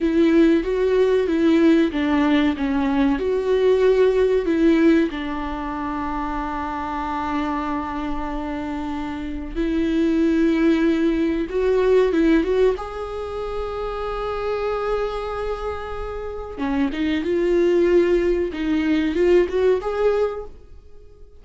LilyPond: \new Staff \with { instrumentName = "viola" } { \time 4/4 \tempo 4 = 94 e'4 fis'4 e'4 d'4 | cis'4 fis'2 e'4 | d'1~ | d'2. e'4~ |
e'2 fis'4 e'8 fis'8 | gis'1~ | gis'2 cis'8 dis'8 f'4~ | f'4 dis'4 f'8 fis'8 gis'4 | }